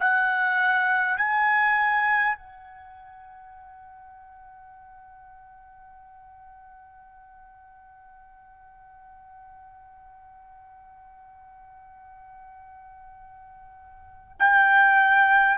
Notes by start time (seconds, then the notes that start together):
0.00 F#5
1.17 G#5
2.37 F#5
14.40 G5